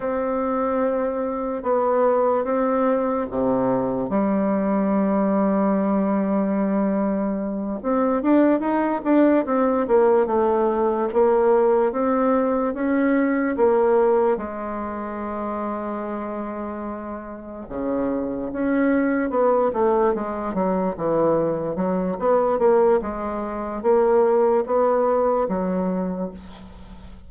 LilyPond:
\new Staff \with { instrumentName = "bassoon" } { \time 4/4 \tempo 4 = 73 c'2 b4 c'4 | c4 g2.~ | g4. c'8 d'8 dis'8 d'8 c'8 | ais8 a4 ais4 c'4 cis'8~ |
cis'8 ais4 gis2~ gis8~ | gis4. cis4 cis'4 b8 | a8 gis8 fis8 e4 fis8 b8 ais8 | gis4 ais4 b4 fis4 | }